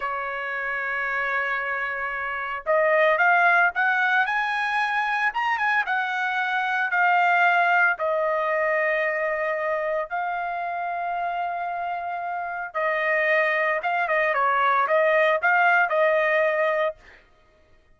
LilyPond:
\new Staff \with { instrumentName = "trumpet" } { \time 4/4 \tempo 4 = 113 cis''1~ | cis''4 dis''4 f''4 fis''4 | gis''2 ais''8 gis''8 fis''4~ | fis''4 f''2 dis''4~ |
dis''2. f''4~ | f''1 | dis''2 f''8 dis''8 cis''4 | dis''4 f''4 dis''2 | }